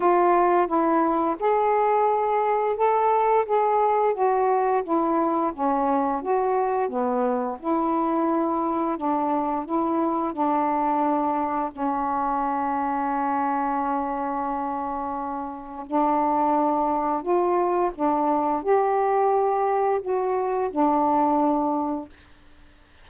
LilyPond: \new Staff \with { instrumentName = "saxophone" } { \time 4/4 \tempo 4 = 87 f'4 e'4 gis'2 | a'4 gis'4 fis'4 e'4 | cis'4 fis'4 b4 e'4~ | e'4 d'4 e'4 d'4~ |
d'4 cis'2.~ | cis'2. d'4~ | d'4 f'4 d'4 g'4~ | g'4 fis'4 d'2 | }